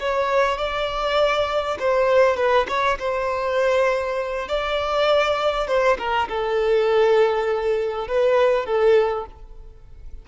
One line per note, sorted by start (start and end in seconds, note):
0.00 0.58 C#5
0.58 1.78 D5
1.80 2.37 C5
2.37 2.67 B4
2.68 2.98 C#5
2.99 4.48 C5
4.48 5.68 D5
5.68 5.98 C5
5.98 6.28 A#4
6.29 8.08 A4
8.08 8.66 B4
8.66 9.26 A4